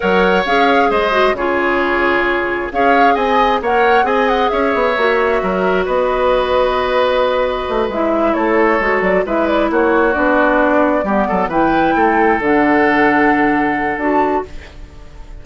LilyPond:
<<
  \new Staff \with { instrumentName = "flute" } { \time 4/4 \tempo 4 = 133 fis''4 f''4 dis''4 cis''4~ | cis''2 f''4 gis''4 | fis''4 gis''8 fis''8 e''2~ | e''4 dis''2.~ |
dis''4. e''4 cis''4. | d''8 e''8 d''8 cis''4 d''4.~ | d''4. g''2 fis''8~ | fis''2. a''4 | }
  \new Staff \with { instrumentName = "oboe" } { \time 4/4 cis''2 c''4 gis'4~ | gis'2 cis''4 dis''4 | cis''4 dis''4 cis''2 | ais'4 b'2.~ |
b'2~ b'8 a'4.~ | a'8 b'4 fis'2~ fis'8~ | fis'8 g'8 a'8 b'4 a'4.~ | a'1 | }
  \new Staff \with { instrumentName = "clarinet" } { \time 4/4 ais'4 gis'4. fis'8 f'4~ | f'2 gis'2 | ais'4 gis'2 fis'4~ | fis'1~ |
fis'4. e'2 fis'8~ | fis'8 e'2 d'4.~ | d'8 b4 e'2 d'8~ | d'2. fis'4 | }
  \new Staff \with { instrumentName = "bassoon" } { \time 4/4 fis4 cis'4 gis4 cis4~ | cis2 cis'4 c'4 | ais4 c'4 cis'8 b8 ais4 | fis4 b2.~ |
b4 a8 gis4 a4 gis8 | fis8 gis4 ais4 b4.~ | b8 g8 fis8 e4 a4 d8~ | d2. d'4 | }
>>